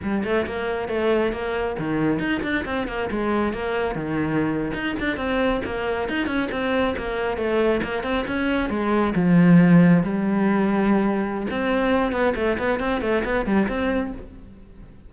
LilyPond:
\new Staff \with { instrumentName = "cello" } { \time 4/4 \tempo 4 = 136 g8 a8 ais4 a4 ais4 | dis4 dis'8 d'8 c'8 ais8 gis4 | ais4 dis4.~ dis16 dis'8 d'8 c'16~ | c'8. ais4 dis'8 cis'8 c'4 ais16~ |
ais8. a4 ais8 c'8 cis'4 gis16~ | gis8. f2 g4~ g16~ | g2 c'4. b8 | a8 b8 c'8 a8 b8 g8 c'4 | }